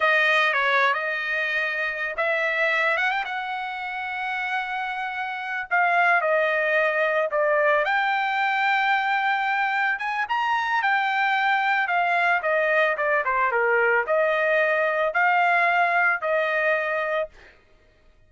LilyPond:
\new Staff \with { instrumentName = "trumpet" } { \time 4/4 \tempo 4 = 111 dis''4 cis''8. dis''2~ dis''16 | e''4. fis''16 g''16 fis''2~ | fis''2~ fis''8 f''4 dis''8~ | dis''4. d''4 g''4.~ |
g''2~ g''8 gis''8 ais''4 | g''2 f''4 dis''4 | d''8 c''8 ais'4 dis''2 | f''2 dis''2 | }